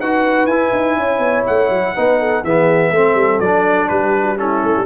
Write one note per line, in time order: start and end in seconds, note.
0.00 0.47 D#4
0.00 0.51 F#4
0.00 0.98 B4
0.00 0.47 F#5
0.47 0.71 E4
0.47 1.96 E4
0.47 1.44 G#5
0.73 0.97 D#4
0.97 1.19 C#4
0.97 1.95 C#5
1.19 1.43 B3
1.47 1.70 A3
1.47 2.45 F#5
1.70 1.94 F#3
1.95 2.44 B3
1.95 2.45 D#4
1.95 2.19 B4
2.19 2.44 A4
2.44 2.91 E3
2.44 2.95 B3
2.44 2.93 G#4
2.44 3.40 E5
2.91 3.15 A3
2.91 3.44 C4
2.91 3.91 A4
3.15 3.39 G3
3.40 3.89 F#3
3.40 4.37 D4
3.40 3.89 D5
3.89 4.63 G3
3.89 4.23 G4
3.89 4.37 B4
4.23 4.35 F#4
4.37 4.86 C#4
4.37 4.86 E4
4.37 4.86 A4
4.63 4.75 A3
4.76 4.86 G3